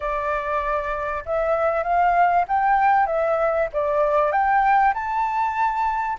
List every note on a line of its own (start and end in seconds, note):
0.00 1.24 D5
1.25 1.83 E5
1.83 2.45 F5
2.47 3.06 G5
3.06 3.68 E5
3.72 4.32 D5
4.32 4.93 G5
4.94 6.17 A5